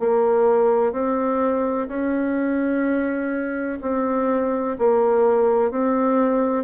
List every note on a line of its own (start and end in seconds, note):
0.00 0.93 A#3
0.93 1.88 C4
1.88 3.79 C#4
3.82 4.77 C4
4.78 5.71 A#3
5.71 6.65 C4